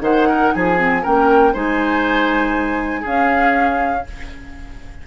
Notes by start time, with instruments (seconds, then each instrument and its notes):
0.00 bassoon D#3, clarinet D#4, oboe C5, flute F#5
0.28 oboe A#4
0.53 bassoon F3, oboe G#4, flute G#5
0.76 clarinet C4
1.02 bassoon A#3, clarinet C#4, oboe A#4, flute G5
1.53 bassoon G#3, clarinet D#4, oboe C5, flute G#5
3.01 clarinet C#4, bassoon C#4, oboe G#4, flute F5